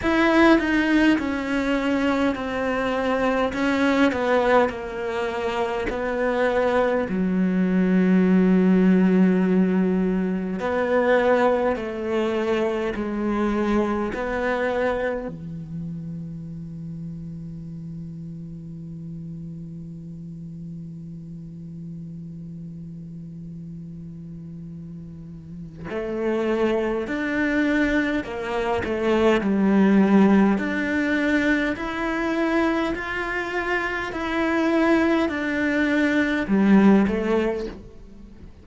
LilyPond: \new Staff \with { instrumentName = "cello" } { \time 4/4 \tempo 4 = 51 e'8 dis'8 cis'4 c'4 cis'8 b8 | ais4 b4 fis2~ | fis4 b4 a4 gis4 | b4 e2.~ |
e1~ | e2 a4 d'4 | ais8 a8 g4 d'4 e'4 | f'4 e'4 d'4 g8 a8 | }